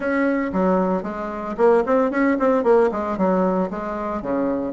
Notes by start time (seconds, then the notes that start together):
0.00 C#4
0.52 F#3
1.02 G#3
1.57 A#3
1.86 C4
2.11 C#4
2.39 C4
2.63 A#3
2.91 G#3
3.17 F#3
3.70 G#3
4.22 C#3